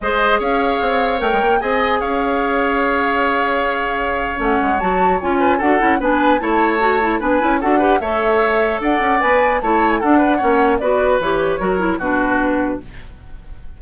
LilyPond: <<
  \new Staff \with { instrumentName = "flute" } { \time 4/4 \tempo 4 = 150 dis''4 f''2 g''4 | gis''4 f''2.~ | f''2. fis''4 | a''4 gis''4 fis''4 gis''4 |
a''2 gis''4 fis''4 | e''2 fis''4 gis''4 | a''8. gis''16 fis''2 d''4 | cis''2 b'2 | }
  \new Staff \with { instrumentName = "oboe" } { \time 4/4 c''4 cis''2. | dis''4 cis''2.~ | cis''1~ | cis''4. b'8 a'4 b'4 |
cis''2 b'4 a'8 b'8 | cis''2 d''2 | cis''4 a'8 b'8 cis''4 b'4~ | b'4 ais'4 fis'2 | }
  \new Staff \with { instrumentName = "clarinet" } { \time 4/4 gis'2. ais'4 | gis'1~ | gis'2. cis'4 | fis'4 f'4 fis'8 e'8 d'4 |
e'4 fis'8 e'8 d'8 e'8 fis'8 g'8 | a'2. b'4 | e'4 d'4 cis'4 fis'4 | g'4 fis'8 e'8 d'2 | }
  \new Staff \with { instrumentName = "bassoon" } { \time 4/4 gis4 cis'4 c'4 a16 gis16 ais8 | c'4 cis'2.~ | cis'2. a8 gis8 | fis4 cis'4 d'8 cis'8 b4 |
a2 b8 cis'8 d'4 | a2 d'8 cis'8 b4 | a4 d'4 ais4 b4 | e4 fis4 b,2 | }
>>